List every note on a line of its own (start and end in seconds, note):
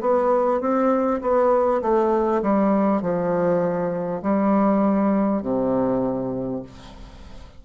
0.00 0.60 B3
0.61 1.21 C4
1.21 1.81 B3
1.81 2.41 A3
2.42 3.01 G3
3.01 4.21 F3
4.22 5.42 G3
5.42 6.62 C3